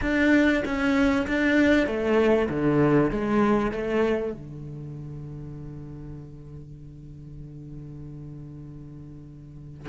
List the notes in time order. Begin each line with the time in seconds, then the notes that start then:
0.01 D4
0.65 C#4
1.27 D4
1.87 A3
2.49 D3
3.11 G#3
3.71 A3
4.33 D3